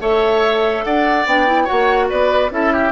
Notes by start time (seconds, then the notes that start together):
0.00 A3 A4 C#5 E5
0.84 D4 D5 F#5
1.25 B3 D4 G5
1.46 E4
1.64 F#4 C#5 F#5
1.72 A#3
2.09 B3 B4 D5
2.50 C#4 E4 A4 E5
2.73 G4